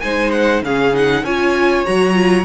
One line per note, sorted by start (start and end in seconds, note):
0.00 0.62 G#3
0.00 0.66 D#4
0.00 0.64 C5
0.00 0.31 G#5
0.32 0.62 F#5
0.62 1.23 C#3
0.62 0.94 C#4
0.62 1.24 G#4
0.62 0.96 F5
0.94 1.25 D#4
0.94 1.25 F#5
1.23 1.84 C#4
1.23 1.86 F4
1.23 2.45 C#5
1.23 1.86 G#5
1.86 2.45 F#3
1.86 2.14 F#4
1.86 2.45 A#5
2.14 2.44 F4